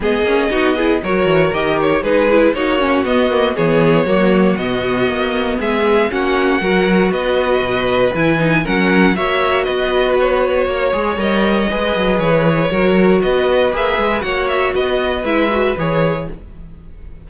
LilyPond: <<
  \new Staff \with { instrumentName = "violin" } { \time 4/4 \tempo 4 = 118 dis''2 cis''4 dis''8 cis''8 | b'4 cis''4 dis''4 cis''4~ | cis''4 dis''2 e''4 | fis''2 dis''2 |
gis''4 fis''4 e''4 dis''4 | cis''2 dis''2 | cis''2 dis''4 e''4 | fis''8 e''8 dis''4 e''4 cis''4 | }
  \new Staff \with { instrumentName = "violin" } { \time 4/4 gis'4 fis'8 gis'8 ais'2 | gis'4 fis'2 gis'4 | fis'2. gis'4 | fis'4 ais'4 b'2~ |
b'4 ais'4 cis''4 b'4~ | b'4 cis''2 b'4~ | b'4 ais'4 b'2 | cis''4 b'2. | }
  \new Staff \with { instrumentName = "viola" } { \time 4/4 b8 cis'8 dis'8 e'8 fis'4 g'4 | dis'8 e'8 dis'8 cis'8 b8 ais8 b4 | ais4 b2. | cis'4 fis'2. |
e'8 dis'8 cis'4 fis'2~ | fis'4. gis'8 ais'4 gis'4~ | gis'4 fis'2 gis'4 | fis'2 e'8 fis'8 gis'4 | }
  \new Staff \with { instrumentName = "cello" } { \time 4/4 gis8 ais8 b4 fis8 e8 dis4 | gis4 ais4 b4 e4 | fis4 b,4 ais4 gis4 | ais4 fis4 b4 b,4 |
e4 fis4 ais4 b4~ | b4 ais8 gis8 g4 gis8 fis8 | e4 fis4 b4 ais8 gis8 | ais4 b4 gis4 e4 | }
>>